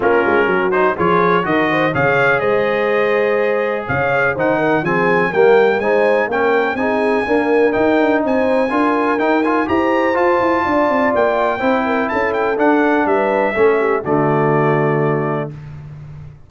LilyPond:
<<
  \new Staff \with { instrumentName = "trumpet" } { \time 4/4 \tempo 4 = 124 ais'4. c''8 cis''4 dis''4 | f''4 dis''2. | f''4 fis''4 gis''4 g''4 | gis''4 g''4 gis''2 |
g''4 gis''2 g''8 gis''8 | ais''4 a''2 g''4~ | g''4 a''8 g''8 fis''4 e''4~ | e''4 d''2. | }
  \new Staff \with { instrumentName = "horn" } { \time 4/4 f'4 fis'4 gis'4 ais'8 c''8 | cis''4 c''2. | cis''4 c''8 ais'8 gis'4 ais'4 | c''4 ais'4 gis'4 ais'4~ |
ais'4 c''4 ais'2 | c''2 d''2 | c''8 ais'8 a'2 b'4 | a'8 g'8 fis'2. | }
  \new Staff \with { instrumentName = "trombone" } { \time 4/4 cis'4. dis'8 f'4 fis'4 | gis'1~ | gis'4 dis'4 c'4 ais4 | dis'4 cis'4 dis'4 ais4 |
dis'2 f'4 dis'8 f'8 | g'4 f'2. | e'2 d'2 | cis'4 a2. | }
  \new Staff \with { instrumentName = "tuba" } { \time 4/4 ais8 gis8 fis4 f4 dis4 | cis4 gis2. | cis4 dis4 f4 g4 | gis4 ais4 c'4 d'4 |
dis'8 d'8 c'4 d'4 dis'4 | e'4 f'8 e'8 d'8 c'8 ais4 | c'4 cis'4 d'4 g4 | a4 d2. | }
>>